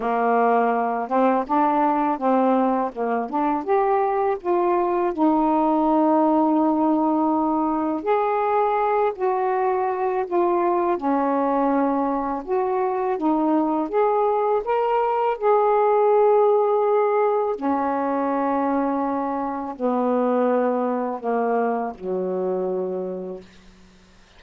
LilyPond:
\new Staff \with { instrumentName = "saxophone" } { \time 4/4 \tempo 4 = 82 ais4. c'8 d'4 c'4 | ais8 d'8 g'4 f'4 dis'4~ | dis'2. gis'4~ | gis'8 fis'4. f'4 cis'4~ |
cis'4 fis'4 dis'4 gis'4 | ais'4 gis'2. | cis'2. b4~ | b4 ais4 fis2 | }